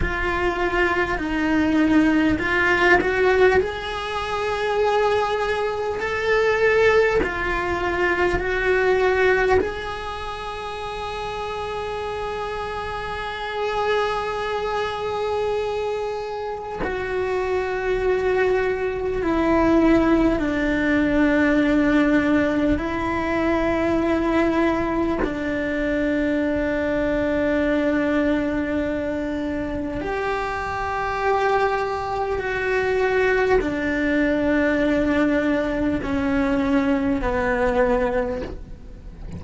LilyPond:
\new Staff \with { instrumentName = "cello" } { \time 4/4 \tempo 4 = 50 f'4 dis'4 f'8 fis'8 gis'4~ | gis'4 a'4 f'4 fis'4 | gis'1~ | gis'2 fis'2 |
e'4 d'2 e'4~ | e'4 d'2.~ | d'4 g'2 fis'4 | d'2 cis'4 b4 | }